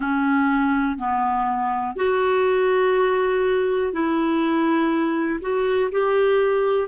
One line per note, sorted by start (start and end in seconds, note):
0.00 0.98 C#4
0.98 1.96 B3
1.96 3.92 F#4
3.92 5.40 E4
5.41 5.90 F#4
5.92 6.88 G4